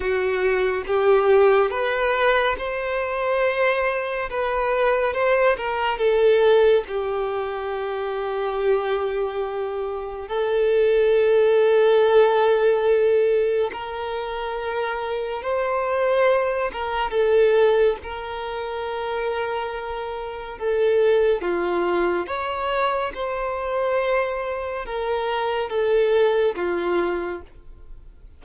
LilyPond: \new Staff \with { instrumentName = "violin" } { \time 4/4 \tempo 4 = 70 fis'4 g'4 b'4 c''4~ | c''4 b'4 c''8 ais'8 a'4 | g'1 | a'1 |
ais'2 c''4. ais'8 | a'4 ais'2. | a'4 f'4 cis''4 c''4~ | c''4 ais'4 a'4 f'4 | }